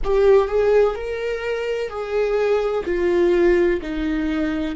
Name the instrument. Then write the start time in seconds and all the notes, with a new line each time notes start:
viola
0.04 G4
0.48 G#4
0.95 A#4
1.89 G#4
2.85 F4
3.81 D#4